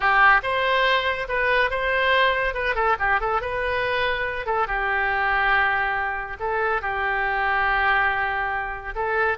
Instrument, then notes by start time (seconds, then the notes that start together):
oboe
0.00 G4
0.42 C5
1.28 B4
1.70 C5
2.54 B4
2.75 A4
2.99 G4
3.20 A4
3.41 B4
4.45 A4
4.67 G4
6.39 A4
6.81 G4
8.95 A4